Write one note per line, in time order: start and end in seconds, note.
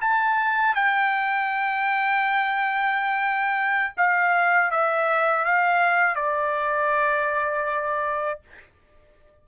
0.00 0.75 A5
0.75 3.93 G5
3.96 4.71 F5
4.71 5.45 E5
5.45 6.15 F5
6.15 8.40 D5